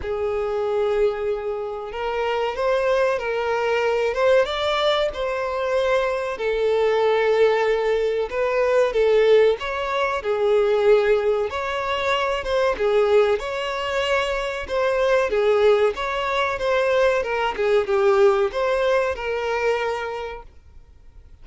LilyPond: \new Staff \with { instrumentName = "violin" } { \time 4/4 \tempo 4 = 94 gis'2. ais'4 | c''4 ais'4. c''8 d''4 | c''2 a'2~ | a'4 b'4 a'4 cis''4 |
gis'2 cis''4. c''8 | gis'4 cis''2 c''4 | gis'4 cis''4 c''4 ais'8 gis'8 | g'4 c''4 ais'2 | }